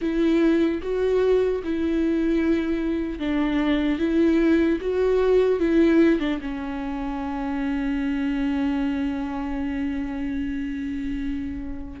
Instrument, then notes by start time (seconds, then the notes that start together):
viola
0.01 E4
0.82 F#4
1.63 E4
3.19 D4
3.98 E4
4.80 F#4
5.59 E4
6.19 D4
6.41 C#4